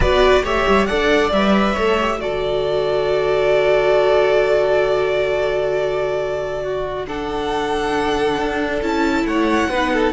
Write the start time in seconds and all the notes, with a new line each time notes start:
0.00 B3 F#4 B4 D5
0.43 A3 G4 C#5 E5
0.68 G3
0.86 D4 A4 D5 F#5
1.31 G3 B4 E5
1.73 A3 A4 C#5
2.00 G4
2.19 D3 F#4 A4 D5
6.62 F#4
7.07 D4 A4 F#5
8.38 D4
8.82 C#4 E4 A5
9.24 A3 C#5 F#5
9.69 B3 D#4 B4
9.93 A4